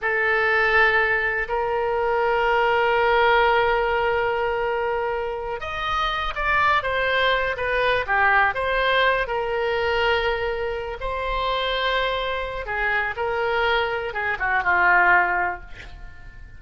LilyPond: \new Staff \with { instrumentName = "oboe" } { \time 4/4 \tempo 4 = 123 a'2. ais'4~ | ais'1~ | ais'2.~ ais'8 dis''8~ | dis''4 d''4 c''4. b'8~ |
b'8 g'4 c''4. ais'4~ | ais'2~ ais'8 c''4.~ | c''2 gis'4 ais'4~ | ais'4 gis'8 fis'8 f'2 | }